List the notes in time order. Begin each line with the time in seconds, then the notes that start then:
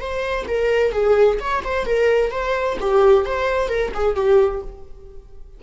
0.00 C5
0.47 A#4
0.92 G#4
1.40 C#5
1.64 C5
1.85 A#4
2.31 C5
2.80 G4
3.25 C5
3.68 A#4
3.94 G#4
4.15 G4